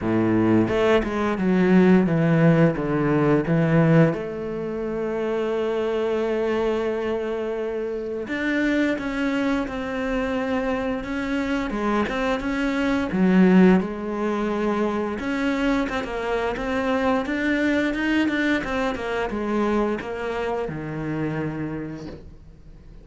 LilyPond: \new Staff \with { instrumentName = "cello" } { \time 4/4 \tempo 4 = 87 a,4 a8 gis8 fis4 e4 | d4 e4 a2~ | a1 | d'4 cis'4 c'2 |
cis'4 gis8 c'8 cis'4 fis4 | gis2 cis'4 c'16 ais8. | c'4 d'4 dis'8 d'8 c'8 ais8 | gis4 ais4 dis2 | }